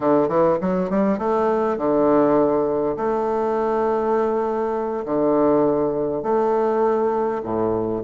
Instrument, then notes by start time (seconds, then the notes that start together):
bassoon
0.00 D3
0.28 E3
0.60 F#3
0.90 G3
1.18 A3
1.77 D3
2.96 A3
5.05 D3
6.22 A3
7.43 A2